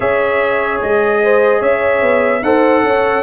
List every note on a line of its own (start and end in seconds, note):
0.00 0.80 C#4
0.00 2.42 G#4
0.00 1.22 C#5
0.00 0.80 E5
0.82 1.61 G#3
0.82 1.62 D#5
1.22 1.59 C5
1.59 2.01 C#4
1.59 2.40 C#5
1.59 2.43 E5
2.01 2.42 B3
2.42 2.82 D#4
2.42 3.23 A4
2.42 2.84 C5
2.42 3.23 F#5
2.82 3.22 C#4
2.82 3.23 C#5